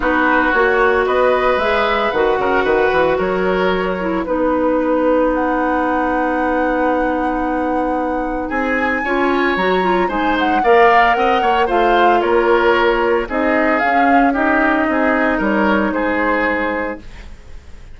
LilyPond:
<<
  \new Staff \with { instrumentName = "flute" } { \time 4/4 \tempo 4 = 113 b'4 cis''4 dis''4 e''4 | fis''2 cis''2 | b'2 fis''2~ | fis''1 |
gis''2 ais''4 gis''8 fis''8 | f''4 fis''4 f''4 cis''4~ | cis''4 dis''4 f''4 dis''4~ | dis''4 cis''4 c''2 | }
  \new Staff \with { instrumentName = "oboe" } { \time 4/4 fis'2 b'2~ | b'8 ais'8 b'4 ais'2 | b'1~ | b'1 |
gis'4 cis''2 c''4 | d''4 dis''8 cis''8 c''4 ais'4~ | ais'4 gis'2 g'4 | gis'4 ais'4 gis'2 | }
  \new Staff \with { instrumentName = "clarinet" } { \time 4/4 dis'4 fis'2 gis'4 | fis'2.~ fis'8 e'8 | dis'1~ | dis'1~ |
dis'4 f'4 fis'8 f'8 dis'4 | ais'2 f'2~ | f'4 dis'4 cis'4 dis'4~ | dis'1 | }
  \new Staff \with { instrumentName = "bassoon" } { \time 4/4 b4 ais4 b4 gis4 | dis8 cis8 dis8 e8 fis2 | b1~ | b1 |
c'4 cis'4 fis4 gis4 | ais4 c'8 ais8 a4 ais4~ | ais4 c'4 cis'2 | c'4 g4 gis2 | }
>>